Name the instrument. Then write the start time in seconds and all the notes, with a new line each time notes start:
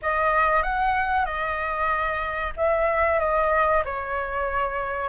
flute
0.02 D#5
0.62 F#5
1.25 D#5
2.56 E5
3.19 D#5
3.84 C#5